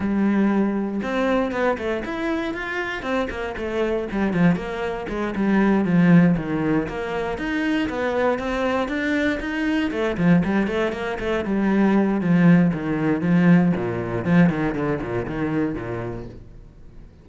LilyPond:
\new Staff \with { instrumentName = "cello" } { \time 4/4 \tempo 4 = 118 g2 c'4 b8 a8 | e'4 f'4 c'8 ais8 a4 | g8 f8 ais4 gis8 g4 f8~ | f8 dis4 ais4 dis'4 b8~ |
b8 c'4 d'4 dis'4 a8 | f8 g8 a8 ais8 a8 g4. | f4 dis4 f4 ais,4 | f8 dis8 d8 ais,8 dis4 ais,4 | }